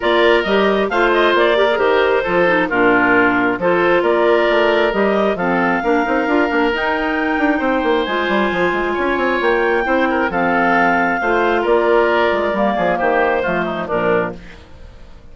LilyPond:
<<
  \new Staff \with { instrumentName = "clarinet" } { \time 4/4 \tempo 4 = 134 d''4 dis''4 f''8 dis''8 d''4 | c''2 ais'2 | c''4 d''2 dis''4 | f''2. g''4~ |
g''2 gis''2~ | gis''4 g''2 f''4~ | f''2 d''2~ | d''4 c''2 ais'4 | }
  \new Staff \with { instrumentName = "oboe" } { \time 4/4 ais'2 c''4. ais'8~ | ais'4 a'4 f'2 | a'4 ais'2. | a'4 ais'2.~ |
ais'4 c''2. | cis''2 c''8 ais'8 a'4~ | a'4 c''4 ais'2~ | ais'8 gis'8 g'4 f'8 dis'8 d'4 | }
  \new Staff \with { instrumentName = "clarinet" } { \time 4/4 f'4 g'4 f'4. g'16 gis'16 | g'4 f'8 dis'8 d'2 | f'2. g'4 | c'4 d'8 dis'8 f'8 d'8 dis'4~ |
dis'2 f'2~ | f'2 e'4 c'4~ | c'4 f'2. | ais2 a4 f4 | }
  \new Staff \with { instrumentName = "bassoon" } { \time 4/4 ais4 g4 a4 ais4 | dis4 f4 ais,2 | f4 ais4 a4 g4 | f4 ais8 c'8 d'8 ais8 dis'4~ |
dis'8 d'8 c'8 ais8 gis8 g8 f8 gis8 | cis'8 c'8 ais4 c'4 f4~ | f4 a4 ais4. gis8 | g8 f8 dis4 f4 ais,4 | }
>>